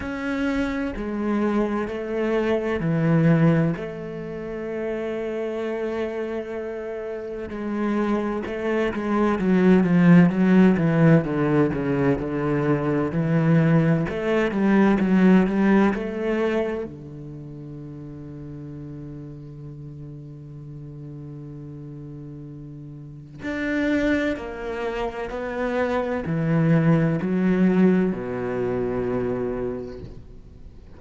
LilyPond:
\new Staff \with { instrumentName = "cello" } { \time 4/4 \tempo 4 = 64 cis'4 gis4 a4 e4 | a1 | gis4 a8 gis8 fis8 f8 fis8 e8 | d8 cis8 d4 e4 a8 g8 |
fis8 g8 a4 d2~ | d1~ | d4 d'4 ais4 b4 | e4 fis4 b,2 | }